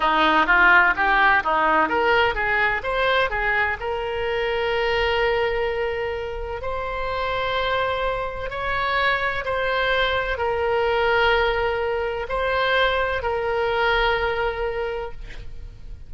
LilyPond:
\new Staff \with { instrumentName = "oboe" } { \time 4/4 \tempo 4 = 127 dis'4 f'4 g'4 dis'4 | ais'4 gis'4 c''4 gis'4 | ais'1~ | ais'2 c''2~ |
c''2 cis''2 | c''2 ais'2~ | ais'2 c''2 | ais'1 | }